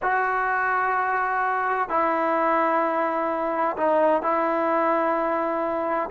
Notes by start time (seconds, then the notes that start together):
0.02 F#4
1.89 E4
3.76 D#4
4.22 E4